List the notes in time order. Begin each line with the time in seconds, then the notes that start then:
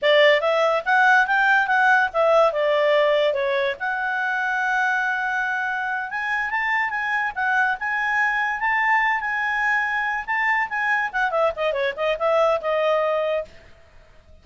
0.02 D5
0.40 E5
0.85 F#5
1.26 G5
1.67 F#5
2.13 E5
2.52 D5
3.33 C#5
3.79 F#5
6.10 G#5
6.50 A5
6.89 G#5
7.35 F#5
7.79 G#5
8.60 A5
9.20 G#5
10.26 A5
10.69 G#5
11.12 F#5
11.31 E5
11.56 D#5
11.72 C#5
11.96 D#5
12.18 E5
12.61 D#5